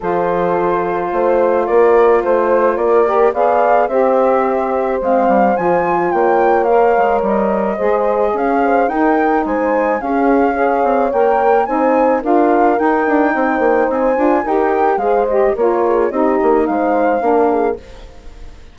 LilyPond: <<
  \new Staff \with { instrumentName = "flute" } { \time 4/4 \tempo 4 = 108 c''2. d''4 | c''4 d''4 f''4 e''4~ | e''4 f''4 gis''4 g''4 | f''4 dis''2 f''4 |
g''4 gis''4 f''2 | g''4 gis''4 f''4 g''4~ | g''4 gis''4 g''4 f''8 dis''8 | cis''4 dis''4 f''2 | }
  \new Staff \with { instrumentName = "horn" } { \time 4/4 a'2 c''4 ais'4 | c''4 ais'4 d''4 c''4~ | c''2. cis''4~ | cis''2 c''4 cis''8 c''8 |
ais'4 c''4 gis'4 cis''4~ | cis''4 c''4 ais'2 | c''2 ais'4 c''4 | ais'8 gis'8 g'4 c''4 ais'8 gis'8 | }
  \new Staff \with { instrumentName = "saxophone" } { \time 4/4 f'1~ | f'4. g'8 gis'4 g'4~ | g'4 c'4 f'2 | ais'2 gis'2 |
dis'2 cis'4 gis'4 | ais'4 dis'4 f'4 dis'4~ | dis'4. f'8 g'4 gis'8 g'8 | f'4 dis'2 d'4 | }
  \new Staff \with { instrumentName = "bassoon" } { \time 4/4 f2 a4 ais4 | a4 ais4 b4 c'4~ | c'4 gis8 g8 f4 ais4~ | ais8 gis8 g4 gis4 cis'4 |
dis'4 gis4 cis'4. c'8 | ais4 c'4 d'4 dis'8 d'8 | c'8 ais8 c'8 d'8 dis'4 gis4 | ais4 c'8 ais8 gis4 ais4 | }
>>